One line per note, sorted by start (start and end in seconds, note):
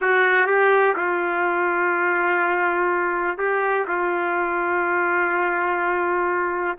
0.01 0.46 F#4
0.46 0.95 G4
0.96 3.38 F4
3.38 3.86 G4
3.87 6.78 F4